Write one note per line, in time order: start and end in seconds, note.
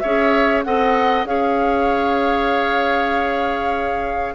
0.00 0.66 C#4
0.00 0.66 G#4
0.00 0.65 C#5
0.00 0.62 E5
0.64 1.25 C4
0.64 1.27 A4
0.64 1.29 D#5
0.64 1.26 F#5
1.25 4.34 C#4
1.25 4.35 G#4
1.25 4.35 C#5
1.25 4.35 F5